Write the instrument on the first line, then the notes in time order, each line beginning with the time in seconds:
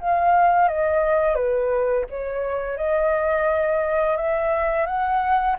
flute
0.00 F5
0.68 D#5
1.35 B4
2.10 C#5
2.77 D#5
4.17 E5
4.86 F#5